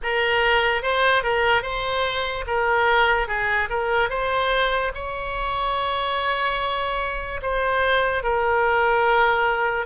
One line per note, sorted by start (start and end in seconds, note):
0.02 0.82 A#4
0.82 1.23 C5
1.23 1.62 A#4
1.62 2.44 C5
2.47 3.27 A#4
3.27 3.68 G#4
3.69 4.09 A#4
4.09 4.91 C5
4.94 7.40 C#5
7.42 8.23 C5
8.23 9.86 A#4